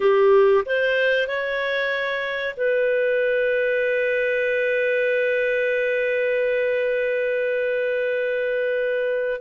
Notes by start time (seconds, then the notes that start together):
0.00 G4
0.65 C5
1.27 C#5
2.56 B4